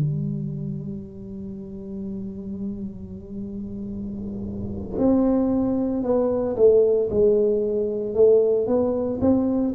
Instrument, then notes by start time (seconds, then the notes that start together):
tuba
0.00 G3
4.99 C4
6.03 B3
6.56 A3
7.11 G#3
8.15 A3
8.67 B3
9.22 C4